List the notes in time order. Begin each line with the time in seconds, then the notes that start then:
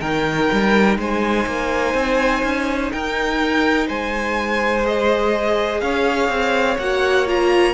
0.00 D#3 D#4 A#4 G5
0.52 G3
0.97 G#3 C5 G#5
1.46 A#3
1.94 C4
2.43 C#4
2.92 D#4 A#4 G5
3.87 G#3 C5 G#5
4.82 G#4 D#5
5.80 C#4 C#5 F5
6.28 C4
6.78 A#3 F#4 F#5
7.26 F4 A#5